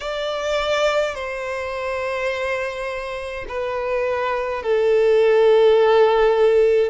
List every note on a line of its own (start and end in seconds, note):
0.00 1.14 D5
1.14 3.45 C5
3.48 4.63 B4
4.63 6.90 A4